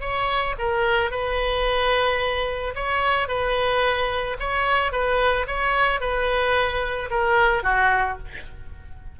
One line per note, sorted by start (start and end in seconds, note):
0.00 0.55 C#5
0.58 1.10 A#4
1.10 2.74 B4
2.75 3.27 C#5
3.27 4.36 B4
4.39 4.92 C#5
4.92 5.46 B4
5.47 6.00 C#5
6.00 7.09 B4
7.10 7.63 A#4
7.63 8.17 F#4